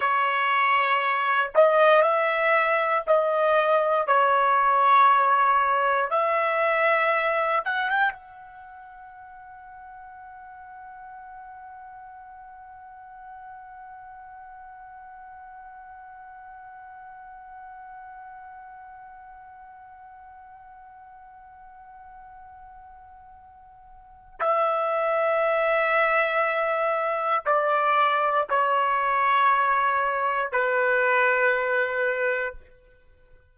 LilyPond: \new Staff \with { instrumentName = "trumpet" } { \time 4/4 \tempo 4 = 59 cis''4. dis''8 e''4 dis''4 | cis''2 e''4. fis''16 g''16 | fis''1~ | fis''1~ |
fis''1~ | fis''1 | e''2. d''4 | cis''2 b'2 | }